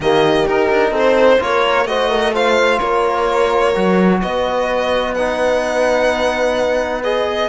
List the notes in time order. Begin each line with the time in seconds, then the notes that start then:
0.00 D#3 A#3 G4 D#5
0.46 D#4 A#4
0.70 D4
0.91 C4 A4
0.97 C5
1.39 A#3 F4 A#4 C#5
1.85 A3 F#4 C5 D#5
2.09 A#4
2.33 F4 C5 F5
2.79 A#3 A#4 C#5
3.74 F#3 F#4
4.21 B3 B4 D#5
5.14 D#4 F#5
7.03 G#4 D#5